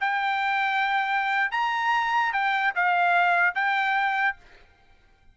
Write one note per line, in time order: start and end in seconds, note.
0.00 1.51 G5
1.51 2.32 A#5
2.32 2.73 G5
2.75 3.54 F5
3.54 4.36 G5